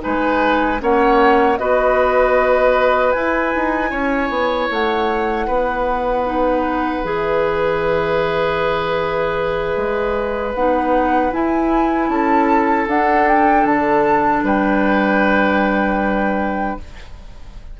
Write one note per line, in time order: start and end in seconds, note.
0.00 0.81 G#3
0.00 0.78 D#4
0.00 0.81 B4
0.00 0.80 G#5
0.79 1.59 A#3
0.79 1.57 C#4
0.79 1.59 C#5
0.79 1.58 F#5
1.58 3.14 B3
1.58 3.14 F#4
1.58 3.90 B4
1.58 3.11 D#5
3.11 6.25 E4
3.11 3.54 E4
3.11 4.67 G#5
3.55 3.92 D#4
3.90 4.29 C#4
3.90 5.46 C#5
4.29 4.68 B3
4.70 5.48 A3
4.70 7.04 F#5
5.47 7.04 B3
5.47 12.09 B4
6.25 7.03 D#4
7.03 9.76 E3
7.03 10.54 G#4
7.03 10.54 E5
9.76 10.54 G#3
10.54 11.32 B3
10.54 11.31 D#4
10.54 11.32 F#5
11.31 12.87 E4
11.31 12.09 E4
11.31 12.09 G#5
12.09 12.87 C#4
12.09 14.44 A4
12.09 12.87 A5
12.87 13.65 D4
12.87 16.79 D4
12.87 13.28 F#5
13.28 13.66 G5
13.65 14.43 D3
13.65 14.44 A5
14.43 16.77 G3
14.43 16.78 B4
14.43 16.80 G5